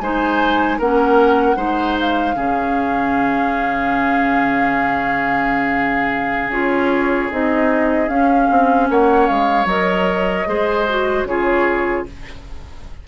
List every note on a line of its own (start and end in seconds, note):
0.00 0.79 G#3
0.00 0.81 D#4
0.00 0.78 C5
0.00 0.79 G#5
0.78 1.56 A#3
0.78 1.56 C#4
0.78 1.57 A#4
0.78 1.99 F#5
1.56 2.35 G#3
1.56 2.35 D#4
1.56 2.36 C5
2.00 6.52 F5
2.35 6.49 C#3
2.35 6.50 C#4
2.35 8.87 G#4
6.49 7.28 C#4
6.49 7.31 F4
6.49 7.31 C#5
7.31 8.09 C4
7.31 8.08 D#4
7.31 8.09 D#5
8.08 9.66 C#4
8.08 8.49 C#4
8.08 8.88 F5
8.50 8.90 C4
8.90 9.29 A#3
8.90 10.49 C#5
8.90 9.27 F#5
9.27 9.65 G#3
9.27 9.67 F5
9.65 10.44 F#3
9.65 10.47 A#4
9.65 11.25 D#5
10.47 11.24 G#3
10.47 10.86 G#4
10.47 11.28 C5
10.89 11.28 F#4
11.24 12.03 C#3
11.24 12.07 F4
11.24 12.08 G#4
11.24 12.06 C#5